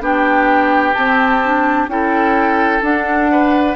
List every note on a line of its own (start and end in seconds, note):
0.00 0.94 B3
0.00 0.94 D4
0.00 1.90 G4
0.00 0.93 G5
0.93 1.41 C4
0.93 1.88 C4
0.93 1.87 A5
1.44 1.88 D4
1.88 2.81 C#4
1.88 2.81 E4
1.88 3.31 A4
1.88 2.83 G5
2.81 3.75 D4
2.81 3.76 D4
2.81 3.76 F#5
3.31 3.76 B4